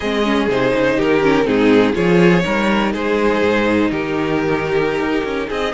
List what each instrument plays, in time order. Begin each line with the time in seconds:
0.00 cello G#3, viola C4, violin G#4 D#5
0.23 viola C#4
0.48 cello C3, viola D#4, violin C5
0.74 cello C#3
0.96 cello D#3, violin G4 A#4
1.22 viola C#4
1.44 cello G#2, viola C4, violin D#4 G#4
1.93 cello F3, viola F4, violin G#4 C#5
2.42 cello G3, viola D#4, violin A#4
2.93 cello G#3, violin G#4 C5
3.41 cello G#2
3.91 cello D#3, violin G4 A#4
4.99 cello D#4
5.24 cello C#4
5.48 cello C4, violin G#4 D#5